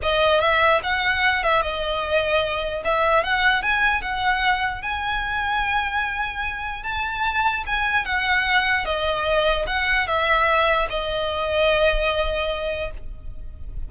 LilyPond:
\new Staff \with { instrumentName = "violin" } { \time 4/4 \tempo 4 = 149 dis''4 e''4 fis''4. e''8 | dis''2. e''4 | fis''4 gis''4 fis''2 | gis''1~ |
gis''4 a''2 gis''4 | fis''2 dis''2 | fis''4 e''2 dis''4~ | dis''1 | }